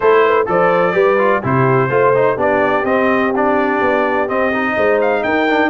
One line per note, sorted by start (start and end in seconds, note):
0.00 0.47 A3
0.00 0.46 E4
0.00 0.23 A4
0.00 0.47 C5
0.24 0.48 B4
0.46 0.94 F3
0.46 0.93 A4
0.46 0.93 C5
0.46 1.44 D5
0.93 1.42 G3
0.93 1.17 G4
0.93 1.41 B4
1.18 1.42 F4
1.42 1.89 C3
1.42 1.89 E4
1.42 1.90 G4
1.42 2.40 C5
1.89 2.37 A3
1.89 2.13 F4
1.89 2.35 C5
2.14 2.37 D#4
2.35 2.84 B3
2.35 2.84 D4
2.35 4.73 G4
2.35 2.85 D5
2.84 3.79 C4
2.84 3.33 C4
2.84 3.33 D#5
3.35 4.28 D4
3.35 4.28 D5
3.81 4.28 B3
4.28 4.52 C4
4.28 4.76 C4
4.28 5.00 D#5
4.53 5.48 D#4
4.76 5.24 G#3
4.76 5.24 C5
5.01 5.23 F5
5.23 5.69 D#4
5.23 5.69 A#4
5.23 5.69 G5
5.48 5.69 D4